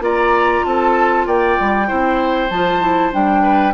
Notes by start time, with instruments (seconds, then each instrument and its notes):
0.00 bassoon A#3, clarinet F4, oboe D5, flute A#5
0.65 bassoon C4, oboe A4, flute A5
1.27 bassoon A#3, oboe D5, flute G5
1.60 bassoon G3
1.87 bassoon C4, clarinet E4, oboe C5
2.50 bassoon F3, clarinet F4, flute A5
2.81 clarinet E4
3.12 bassoon G3, clarinet D4, flute G5
3.42 oboe B4